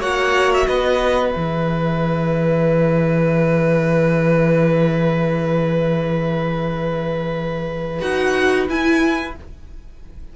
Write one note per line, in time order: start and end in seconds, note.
0.00 0.67 A#3
0.00 1.34 F#4
0.00 0.67 C#5
0.00 0.52 F#5
0.54 0.67 E5
0.67 1.34 B3
0.67 9.35 B4
0.67 1.32 D#5
1.32 8.02 E3
1.32 8.01 G#4
1.32 7.98 E5
8.01 8.68 D#4
8.01 8.68 F#4
8.01 8.68 F#5
8.69 9.35 E4
8.69 9.36 E4
8.69 9.37 G#5